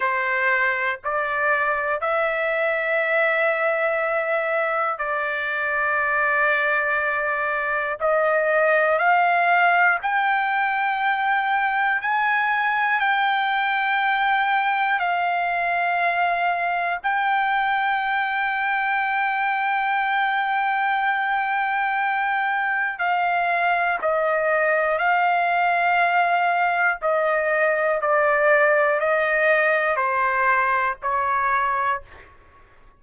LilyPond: \new Staff \with { instrumentName = "trumpet" } { \time 4/4 \tempo 4 = 60 c''4 d''4 e''2~ | e''4 d''2. | dis''4 f''4 g''2 | gis''4 g''2 f''4~ |
f''4 g''2.~ | g''2. f''4 | dis''4 f''2 dis''4 | d''4 dis''4 c''4 cis''4 | }